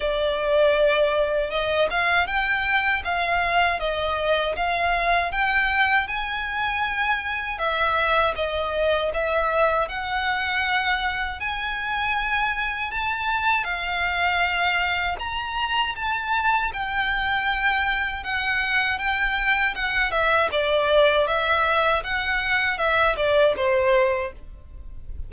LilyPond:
\new Staff \with { instrumentName = "violin" } { \time 4/4 \tempo 4 = 79 d''2 dis''8 f''8 g''4 | f''4 dis''4 f''4 g''4 | gis''2 e''4 dis''4 | e''4 fis''2 gis''4~ |
gis''4 a''4 f''2 | ais''4 a''4 g''2 | fis''4 g''4 fis''8 e''8 d''4 | e''4 fis''4 e''8 d''8 c''4 | }